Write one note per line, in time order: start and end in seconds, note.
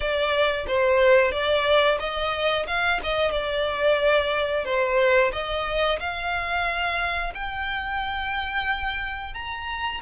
0.00 0.65 D5
0.67 1.32 C5
1.32 1.98 D5
1.99 2.66 D#5
2.67 3.00 F5
3.03 3.31 D#5
3.31 4.64 D5
4.65 5.31 C5
5.32 5.98 D#5
5.99 7.32 F5
7.34 9.34 G5
9.34 10.00 A#5